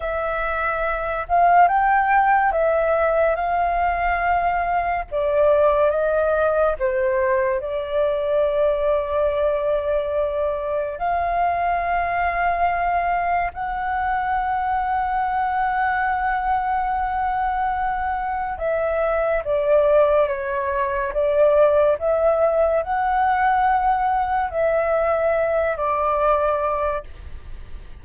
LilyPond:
\new Staff \with { instrumentName = "flute" } { \time 4/4 \tempo 4 = 71 e''4. f''8 g''4 e''4 | f''2 d''4 dis''4 | c''4 d''2.~ | d''4 f''2. |
fis''1~ | fis''2 e''4 d''4 | cis''4 d''4 e''4 fis''4~ | fis''4 e''4. d''4. | }